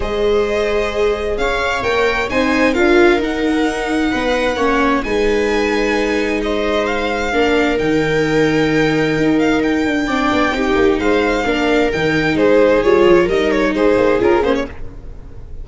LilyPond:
<<
  \new Staff \with { instrumentName = "violin" } { \time 4/4 \tempo 4 = 131 dis''2. f''4 | g''4 gis''4 f''4 fis''4~ | fis''2. gis''4~ | gis''2 dis''4 f''4~ |
f''4 g''2.~ | g''8 f''8 g''2. | f''2 g''4 c''4 | cis''4 dis''8 cis''8 c''4 ais'8 c''16 cis''16 | }
  \new Staff \with { instrumentName = "viola" } { \time 4/4 c''2. cis''4~ | cis''4 c''4 ais'2~ | ais'4 b'4 cis''4 b'4~ | b'2 c''2 |
ais'1~ | ais'2 d''4 g'4 | c''4 ais'2 gis'4~ | gis'4 ais'4 gis'2 | }
  \new Staff \with { instrumentName = "viola" } { \time 4/4 gis'1 | ais'4 dis'4 f'4 dis'4~ | dis'2 cis'4 dis'4~ | dis'1 |
d'4 dis'2.~ | dis'2 d'4 dis'4~ | dis'4 d'4 dis'2 | f'4 dis'2 f'8 cis'8 | }
  \new Staff \with { instrumentName = "tuba" } { \time 4/4 gis2. cis'4 | ais4 c'4 d'4 dis'4~ | dis'4 b4 ais4 gis4~ | gis1 |
ais4 dis2. | dis'4. d'8 c'8 b8 c'8 ais8 | gis4 ais4 dis4 gis4 | g8 f8 g4 gis8 ais8 cis'8 ais8 | }
>>